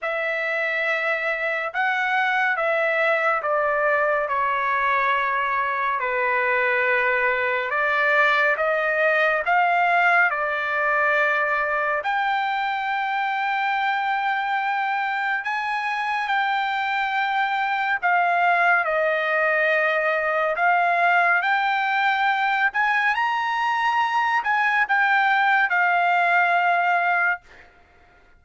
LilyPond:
\new Staff \with { instrumentName = "trumpet" } { \time 4/4 \tempo 4 = 70 e''2 fis''4 e''4 | d''4 cis''2 b'4~ | b'4 d''4 dis''4 f''4 | d''2 g''2~ |
g''2 gis''4 g''4~ | g''4 f''4 dis''2 | f''4 g''4. gis''8 ais''4~ | ais''8 gis''8 g''4 f''2 | }